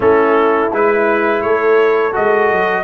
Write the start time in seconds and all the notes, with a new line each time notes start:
0.00 A3 C#4 E4 A4
0.72 G#3 E4 B4
1.41 A3 A4 C#5
2.12 G#3 F#4 D#5
2.51 F#3